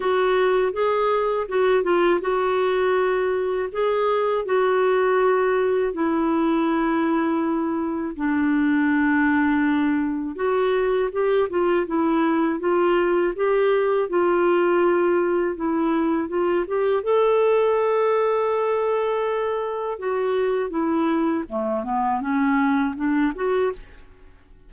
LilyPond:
\new Staff \with { instrumentName = "clarinet" } { \time 4/4 \tempo 4 = 81 fis'4 gis'4 fis'8 f'8 fis'4~ | fis'4 gis'4 fis'2 | e'2. d'4~ | d'2 fis'4 g'8 f'8 |
e'4 f'4 g'4 f'4~ | f'4 e'4 f'8 g'8 a'4~ | a'2. fis'4 | e'4 a8 b8 cis'4 d'8 fis'8 | }